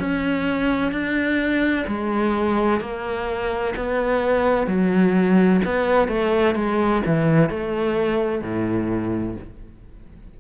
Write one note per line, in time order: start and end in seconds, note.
0.00 0.92 C#4
0.92 1.85 D4
1.87 2.81 G#3
2.81 3.75 A#3
3.76 4.67 B3
4.67 5.61 F#3
5.65 6.08 B3
6.08 6.55 A3
6.55 7.02 G#3
7.06 7.50 E3
7.50 8.42 A3
8.42 9.35 A2